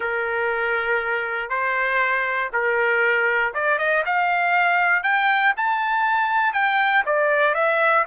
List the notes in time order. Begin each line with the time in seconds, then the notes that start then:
0.00 A#4
1.49 C5
2.52 A#4
3.54 D5
3.78 D#5
4.05 F5
5.03 G5
5.56 A5
6.53 G5
7.06 D5
7.54 E5